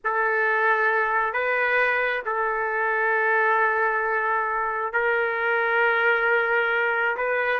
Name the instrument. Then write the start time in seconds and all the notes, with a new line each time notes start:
trumpet
0.04 A4
1.33 B4
2.25 A4
4.92 A#4
7.16 B4